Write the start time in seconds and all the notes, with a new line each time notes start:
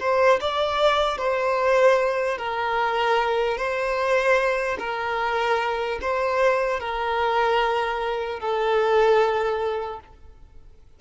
0.00 C5
0.41 D5
1.18 C5
2.38 A#4
3.58 C5
4.79 A#4
6.01 C5
6.80 A#4
8.40 A4